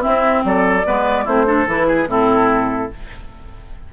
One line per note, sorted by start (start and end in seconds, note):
0.00 0.82 C4
0.00 0.44 C4
0.00 0.43 E4
0.00 0.43 E5
0.44 0.85 F#3
0.44 0.86 A4
0.44 1.27 D5
0.85 1.27 G#3
0.85 1.26 B3
0.85 1.24 B4
1.24 1.66 A3
1.24 1.46 C4
1.24 1.45 E4
1.24 1.68 C5
1.46 1.66 D4
1.46 1.87 A4
1.66 2.06 E3
1.66 2.08 E4
1.66 2.10 B4
1.87 2.07 G#4
2.06 2.89 A2
2.06 2.90 C4
2.06 2.92 E4
2.06 2.93 A4